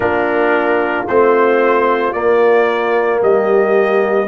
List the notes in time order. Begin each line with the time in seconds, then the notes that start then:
0.00 A#3 D4 F4 A#4
1.07 A3 C4 C5
2.12 A#3 D5
3.21 G3 G4 D#5